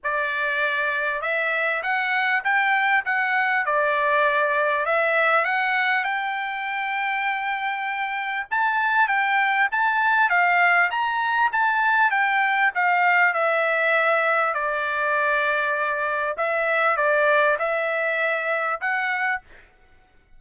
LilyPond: \new Staff \with { instrumentName = "trumpet" } { \time 4/4 \tempo 4 = 99 d''2 e''4 fis''4 | g''4 fis''4 d''2 | e''4 fis''4 g''2~ | g''2 a''4 g''4 |
a''4 f''4 ais''4 a''4 | g''4 f''4 e''2 | d''2. e''4 | d''4 e''2 fis''4 | }